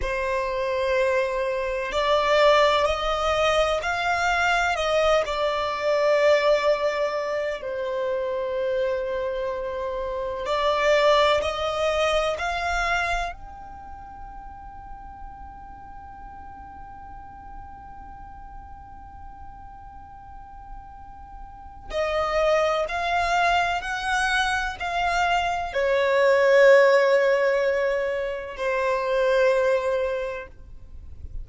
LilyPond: \new Staff \with { instrumentName = "violin" } { \time 4/4 \tempo 4 = 63 c''2 d''4 dis''4 | f''4 dis''8 d''2~ d''8 | c''2. d''4 | dis''4 f''4 g''2~ |
g''1~ | g''2. dis''4 | f''4 fis''4 f''4 cis''4~ | cis''2 c''2 | }